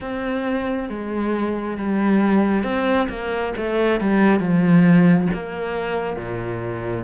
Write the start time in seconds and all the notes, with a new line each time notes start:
0.00 C4
0.89 G#3
1.77 G3
2.63 C4
3.09 A#3
3.57 A3
4.00 G3
4.39 F3
5.33 A#3
6.16 A#2